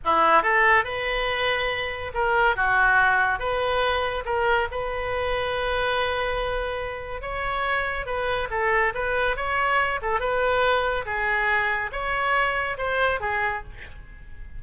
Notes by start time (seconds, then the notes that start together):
0.04 E4
0.42 A4
0.84 B4
2.14 A#4
2.56 F#4
3.39 B4
4.25 A#4
4.71 B4
7.21 C#5
8.05 B4
8.50 A4
8.94 B4
9.36 C#5
10.02 A4
10.20 B4
11.05 G#4
11.92 C#5
12.77 C5
13.20 G#4